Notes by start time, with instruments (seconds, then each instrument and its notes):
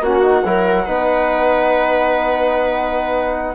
0.00 bassoon A#3, trombone C#4, viola F#4, flute F#5
0.22 trombone D#4
0.45 bassoon F#3, trombone E4, viola A#4
0.85 bassoon B3, trombone D#4, viola B4